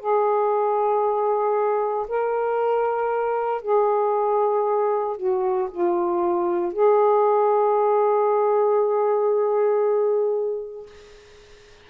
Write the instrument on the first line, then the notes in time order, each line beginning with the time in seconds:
saxophone
0.00 G#4
2.08 A#4
3.62 G#4
5.17 F#4
5.71 F4
6.73 G#4